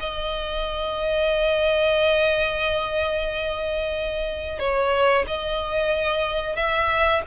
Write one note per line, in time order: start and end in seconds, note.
0.00 4.59 D#5
4.59 5.25 C#5
5.27 6.56 D#5
6.56 7.22 E5